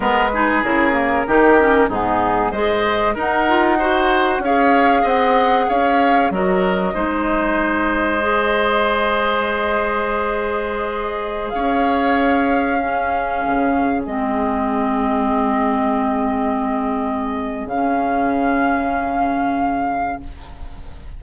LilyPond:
<<
  \new Staff \with { instrumentName = "flute" } { \time 4/4 \tempo 4 = 95 b'4 ais'2 gis'4 | dis''4 fis''2 f''4 | fis''4 f''4 dis''2~ | dis''1~ |
dis''2~ dis''16 f''4.~ f''16~ | f''2~ f''16 dis''4.~ dis''16~ | dis''1 | f''1 | }
  \new Staff \with { instrumentName = "oboe" } { \time 4/4 ais'8 gis'4. g'4 dis'4 | c''4 ais'4 c''4 cis''4 | dis''4 cis''4 ais'4 c''4~ | c''1~ |
c''2~ c''16 cis''4.~ cis''16~ | cis''16 gis'2.~ gis'8.~ | gis'1~ | gis'1 | }
  \new Staff \with { instrumentName = "clarinet" } { \time 4/4 b8 dis'8 e'8 ais8 dis'8 cis'8 b4 | gis'4 dis'8 f'8 fis'4 gis'4~ | gis'2 fis'4 dis'4~ | dis'4 gis'2.~ |
gis'1~ | gis'16 cis'2 c'4.~ c'16~ | c'1 | cis'1 | }
  \new Staff \with { instrumentName = "bassoon" } { \time 4/4 gis4 cis4 dis4 gis,4 | gis4 dis'2 cis'4 | c'4 cis'4 fis4 gis4~ | gis1~ |
gis2~ gis16 cis'4.~ cis'16~ | cis'4~ cis'16 cis4 gis4.~ gis16~ | gis1 | cis1 | }
>>